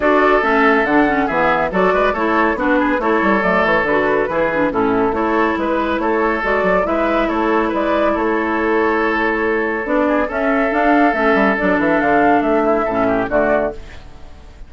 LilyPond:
<<
  \new Staff \with { instrumentName = "flute" } { \time 4/4 \tempo 4 = 140 d''4 e''4 fis''4 e''4 | d''4 cis''4 b'4 cis''4 | d''8 cis''8 b'2 a'4 | cis''4 b'4 cis''4 d''4 |
e''4 cis''4 d''4 cis''4~ | cis''2. d''4 | e''4 f''4 e''4 d''8 e''8 | f''4 e''2 d''4 | }
  \new Staff \with { instrumentName = "oboe" } { \time 4/4 a'2. gis'4 | a'8 b'8 a'4 fis'8 gis'8 a'4~ | a'2 gis'4 e'4 | a'4 b'4 a'2 |
b'4 a'4 b'4 a'4~ | a'2.~ a'8 gis'8 | a'1~ | a'4. e'8 a'8 g'8 fis'4 | }
  \new Staff \with { instrumentName = "clarinet" } { \time 4/4 fis'4 cis'4 d'8 cis'8 b4 | fis'4 e'4 d'4 e'4 | a4 fis'4 e'8 d'8 cis'4 | e'2. fis'4 |
e'1~ | e'2. d'4 | cis'4 d'4 cis'4 d'4~ | d'2 cis'4 a4 | }
  \new Staff \with { instrumentName = "bassoon" } { \time 4/4 d'4 a4 d4 e4 | fis8 gis8 a4 b4 a8 g8 | fis8 e8 d4 e4 a,4 | a4 gis4 a4 gis8 fis8 |
gis4 a4 gis4 a4~ | a2. b4 | cis'4 d'4 a8 g8 fis8 e8 | d4 a4 a,4 d4 | }
>>